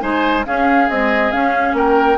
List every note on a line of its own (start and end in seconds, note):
0.00 0.46 G#3
0.00 0.43 D#4
0.00 0.46 C5
0.00 0.44 G#5
0.45 0.89 C#4
0.45 0.90 C#4
0.45 1.77 G#4
0.45 0.90 F5
0.90 1.33 G#3
0.90 1.33 C4
0.90 1.32 D#5
1.32 2.19 C#4
1.32 1.74 C#4
1.32 1.76 F5
1.74 2.17 A#3
1.74 2.19 A#4
1.74 2.19 G5